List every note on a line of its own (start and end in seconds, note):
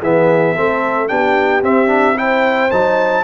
0.00 0.55 E3
0.00 0.56 B3
0.00 0.54 G#4
0.00 1.08 E5
0.55 1.10 A3
0.55 1.08 C4
0.55 1.09 A4
1.08 1.62 B3
1.08 1.62 D4
1.08 2.17 G4
1.08 1.62 G5
1.62 2.70 C4
1.62 1.87 C4
1.62 2.18 E5
1.87 2.14 D4
2.16 2.70 E4
2.16 3.24 C5
2.16 2.71 G5
2.71 3.24 F#3
2.71 3.24 D#4
2.71 3.24 A5